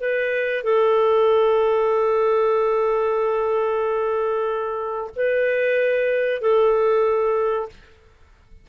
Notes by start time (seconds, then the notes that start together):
0.00 B4
0.63 A4
5.15 B4
6.41 A4